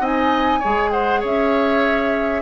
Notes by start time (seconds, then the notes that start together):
0.00 C4 D#4 D#5 G#5
0.59 G#3 G#4 C#5
0.91 C5 F#5
1.20 C#4 C#5 E5